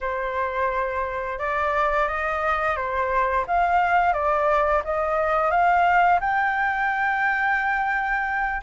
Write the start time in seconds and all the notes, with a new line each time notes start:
0.00 C5
1.39 D5
2.08 D#5
2.76 C5
3.47 F5
4.13 D5
4.84 D#5
5.50 F5
6.20 G5